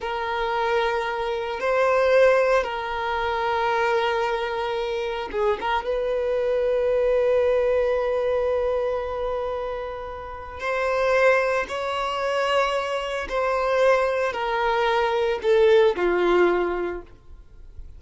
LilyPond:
\new Staff \with { instrumentName = "violin" } { \time 4/4 \tempo 4 = 113 ais'2. c''4~ | c''4 ais'2.~ | ais'2 gis'8 ais'8 b'4~ | b'1~ |
b'1 | c''2 cis''2~ | cis''4 c''2 ais'4~ | ais'4 a'4 f'2 | }